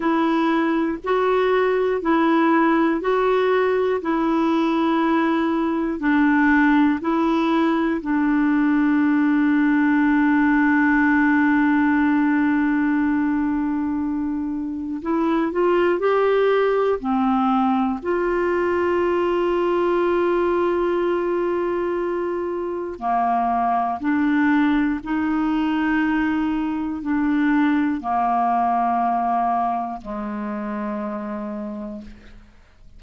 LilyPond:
\new Staff \with { instrumentName = "clarinet" } { \time 4/4 \tempo 4 = 60 e'4 fis'4 e'4 fis'4 | e'2 d'4 e'4 | d'1~ | d'2. e'8 f'8 |
g'4 c'4 f'2~ | f'2. ais4 | d'4 dis'2 d'4 | ais2 gis2 | }